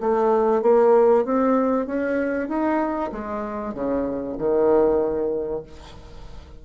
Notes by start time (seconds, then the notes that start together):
0.00 A3
0.62 A#3
1.25 C4
1.86 C#4
2.48 D#4
3.12 G#3
3.74 C#3
4.38 D#3